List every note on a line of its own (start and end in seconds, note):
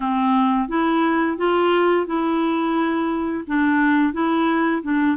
0.00 0.68 C4
0.68 1.37 E4
1.37 2.06 F4
2.06 3.44 E4
3.47 4.13 D4
4.13 4.82 E4
4.82 5.16 D4